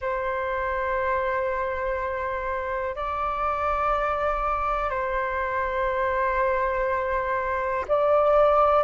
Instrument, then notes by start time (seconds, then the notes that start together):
flute
0.01 C5
2.95 D5
4.90 C5
7.88 D5